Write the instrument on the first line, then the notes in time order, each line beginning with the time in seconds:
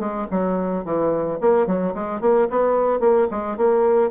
bassoon
0.00 G#3
0.31 F#3
0.85 E3
1.41 A#3
1.67 F#3
1.95 G#3
2.21 A#3
2.50 B3
3.00 A#3
3.31 G#3
3.57 A#3